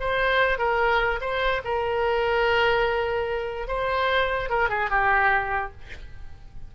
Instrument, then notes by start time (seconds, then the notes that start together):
oboe
0.00 C5
0.58 A#4
1.21 C5
1.65 A#4
3.68 C5
4.50 A#4
4.70 G#4
4.90 G4